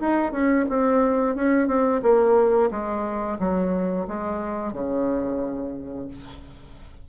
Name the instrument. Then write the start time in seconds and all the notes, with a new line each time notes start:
bassoon
0.00 D#4
0.32 C#4
0.69 C4
1.36 C#4
1.68 C4
2.03 A#3
2.71 G#3
3.39 F#3
4.08 G#3
4.73 C#3